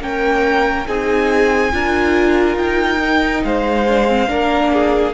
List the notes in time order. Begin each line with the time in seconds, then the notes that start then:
0.00 A#3 C#4 A#4 G5
0.87 C4 D#4 G#4 G#5
1.72 D4 F4 A#4
2.57 D#4 G5
3.00 D#4
3.44 G#3 C5 F5
3.88 D4
4.08 C4
4.28 A#3 D4 A#4
4.73 G#4